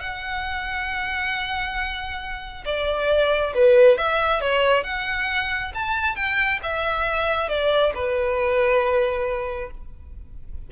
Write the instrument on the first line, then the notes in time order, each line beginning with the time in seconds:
violin
0.00 F#5
2.66 D5
3.55 B4
3.98 E5
4.41 C#5
4.84 F#5
5.75 A5
6.16 G5
6.63 E5
7.49 D5
7.95 B4